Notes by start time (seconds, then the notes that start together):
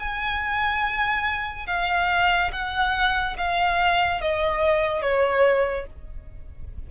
0.00 G#5
1.67 F5
2.52 F#5
3.38 F5
4.21 D#5
5.02 C#5